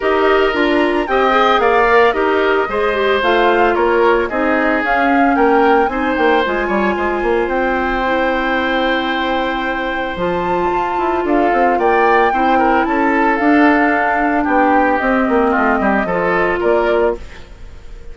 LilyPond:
<<
  \new Staff \with { instrumentName = "flute" } { \time 4/4 \tempo 4 = 112 dis''4 ais''4 g''4 f''4 | dis''2 f''4 cis''4 | dis''4 f''4 g''4 gis''8 g''8 | gis''2 g''2~ |
g''2. a''4~ | a''4 f''4 g''2 | a''4 f''2 g''4 | dis''2. d''4 | }
  \new Staff \with { instrumentName = "oboe" } { \time 4/4 ais'2 dis''4 d''4 | ais'4 c''2 ais'4 | gis'2 ais'4 c''4~ | c''8 cis''8 c''2.~ |
c''1~ | c''4 a'4 d''4 c''8 ais'8 | a'2. g'4~ | g'4 f'8 g'8 a'4 ais'4 | }
  \new Staff \with { instrumentName = "clarinet" } { \time 4/4 g'4 f'4 g'8 gis'4 ais'8 | g'4 gis'8 g'8 f'2 | dis'4 cis'2 dis'4 | f'2. e'4~ |
e'2. f'4~ | f'2. e'4~ | e'4 d'2. | c'2 f'2 | }
  \new Staff \with { instrumentName = "bassoon" } { \time 4/4 dis'4 d'4 c'4 ais4 | dis'4 gis4 a4 ais4 | c'4 cis'4 ais4 c'8 ais8 | gis8 g8 gis8 ais8 c'2~ |
c'2. f4 | f'8 e'8 d'8 c'8 ais4 c'4 | cis'4 d'2 b4 | c'8 ais8 a8 g8 f4 ais4 | }
>>